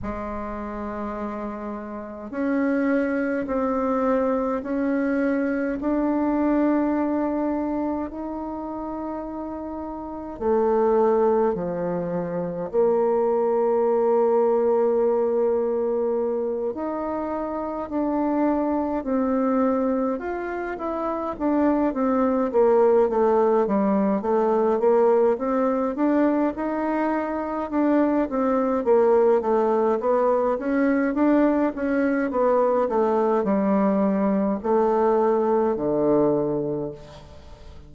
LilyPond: \new Staff \with { instrumentName = "bassoon" } { \time 4/4 \tempo 4 = 52 gis2 cis'4 c'4 | cis'4 d'2 dis'4~ | dis'4 a4 f4 ais4~ | ais2~ ais8 dis'4 d'8~ |
d'8 c'4 f'8 e'8 d'8 c'8 ais8 | a8 g8 a8 ais8 c'8 d'8 dis'4 | d'8 c'8 ais8 a8 b8 cis'8 d'8 cis'8 | b8 a8 g4 a4 d4 | }